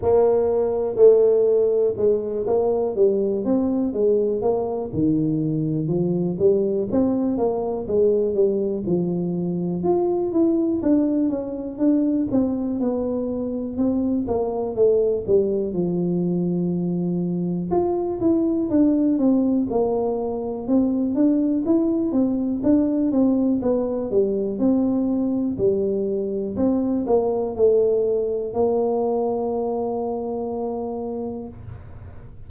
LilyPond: \new Staff \with { instrumentName = "tuba" } { \time 4/4 \tempo 4 = 61 ais4 a4 gis8 ais8 g8 c'8 | gis8 ais8 dis4 f8 g8 c'8 ais8 | gis8 g8 f4 f'8 e'8 d'8 cis'8 | d'8 c'8 b4 c'8 ais8 a8 g8 |
f2 f'8 e'8 d'8 c'8 | ais4 c'8 d'8 e'8 c'8 d'8 c'8 | b8 g8 c'4 g4 c'8 ais8 | a4 ais2. | }